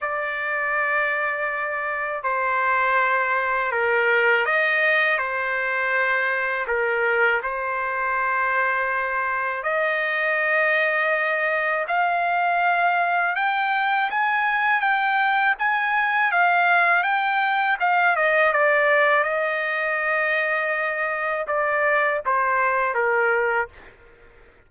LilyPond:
\new Staff \with { instrumentName = "trumpet" } { \time 4/4 \tempo 4 = 81 d''2. c''4~ | c''4 ais'4 dis''4 c''4~ | c''4 ais'4 c''2~ | c''4 dis''2. |
f''2 g''4 gis''4 | g''4 gis''4 f''4 g''4 | f''8 dis''8 d''4 dis''2~ | dis''4 d''4 c''4 ais'4 | }